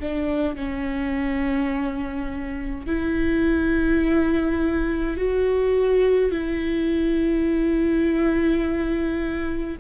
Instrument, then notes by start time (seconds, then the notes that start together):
viola
0.00 D4
0.56 C#4
2.86 E4
5.17 F#4
6.31 E4